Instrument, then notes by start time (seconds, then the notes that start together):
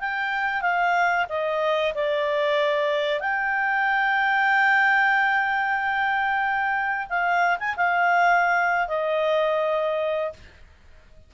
clarinet
0.00 G5
0.61 F5
1.28 D#5
1.94 D5
3.20 G5
7.09 F5
7.59 G#5
7.76 F5
8.88 D#5